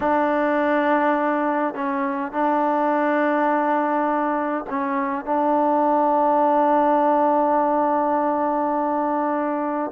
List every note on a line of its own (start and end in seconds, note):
0.00 1.74 D4
1.74 2.31 C#4
2.31 4.64 D4
4.69 5.25 C#4
5.25 9.91 D4